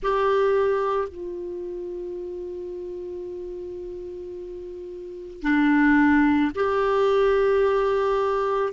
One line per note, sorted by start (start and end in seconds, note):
0.02 1.08 G4
1.08 5.42 F4
5.42 6.51 D4
6.55 8.73 G4